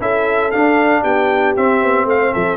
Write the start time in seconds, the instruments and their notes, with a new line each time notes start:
0.00 tuba C#4, trombone E4, horn A4, trumpet E5
0.51 trombone D4, tuba D4, trumpet F5
1.02 tuba B3, horn G4, trumpet G5
1.56 trombone C4, tuba C4, trumpet E5
1.83 tuba B3
2.05 tuba A3, horn C5, trumpet F5
2.33 tuba F3, horn A4, trumpet E5